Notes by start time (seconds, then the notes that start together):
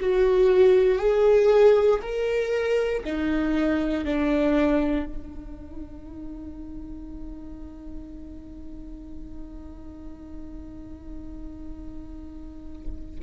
0.00 F#4
0.98 G#4
2.02 A#4
3.04 D#4
4.04 D4
5.06 D#4